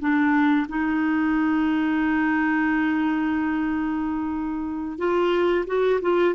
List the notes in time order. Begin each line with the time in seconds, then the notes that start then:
0.00 D4
0.68 D#4
4.98 F4
5.67 F#4
6.02 F4